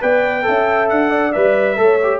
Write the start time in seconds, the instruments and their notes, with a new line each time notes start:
0.00 tuba B3, trombone B4, horn D5, trumpet G5
0.43 tuba C#4, trombone A4, horn E5
0.89 tuba D4, trumpet F#5
1.09 horn D5
1.32 tuba G3, trombone B4, trumpet E5
1.77 tuba A3, trombone A4, horn C#5
2.03 trombone G4